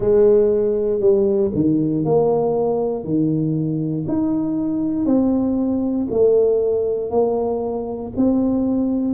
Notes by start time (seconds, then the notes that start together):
0.00 G#3
1.00 G3
1.54 D#3
2.04 A#3
3.04 D#3
4.08 D#4
5.05 C4
6.10 A3
7.10 A#3
8.16 C4